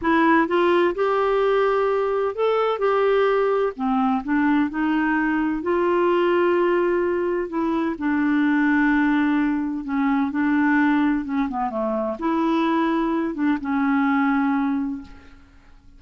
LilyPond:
\new Staff \with { instrumentName = "clarinet" } { \time 4/4 \tempo 4 = 128 e'4 f'4 g'2~ | g'4 a'4 g'2 | c'4 d'4 dis'2 | f'1 |
e'4 d'2.~ | d'4 cis'4 d'2 | cis'8 b8 a4 e'2~ | e'8 d'8 cis'2. | }